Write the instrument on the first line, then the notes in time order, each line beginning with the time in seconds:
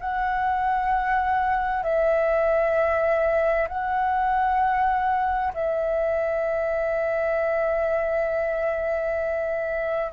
flute
0.00 F#5
1.83 E5
3.68 F#5
5.54 E5